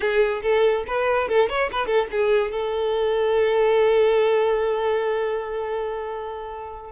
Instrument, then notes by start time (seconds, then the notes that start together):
violin
0.00 G#4
0.42 A4
0.87 B4
1.28 A4
1.49 C#5
1.71 B4
1.86 A4
2.11 G#4
2.51 A4